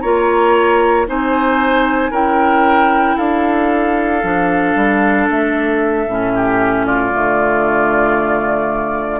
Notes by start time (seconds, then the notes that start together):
0.00 A#3 F4 C#5 A#5
1.06 C4 D#4 C5 G#5
2.11 C#4 E4 A#4 G5
3.16 D4 A4 F5
4.23 F3 D4
4.75 G3
5.29 A3 E5
6.06 A2 C#4
6.34 G4
6.86 F4 D5
7.12 D3 A3